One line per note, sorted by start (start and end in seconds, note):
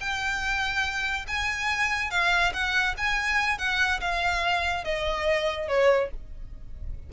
0.00 1.26 G5
1.28 2.11 G#5
2.11 2.53 F5
2.53 2.95 F#5
2.97 3.58 G#5
3.58 4.00 F#5
4.01 4.84 F5
4.84 5.68 D#5
5.68 6.10 C#5